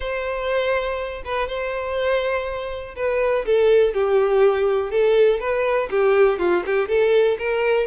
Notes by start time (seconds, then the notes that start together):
0.00 C5
1.24 B4
1.48 C5
2.96 B4
3.45 A4
3.93 G4
4.90 A4
5.40 B4
5.90 G4
6.38 F4
6.65 G4
6.88 A4
7.38 A#4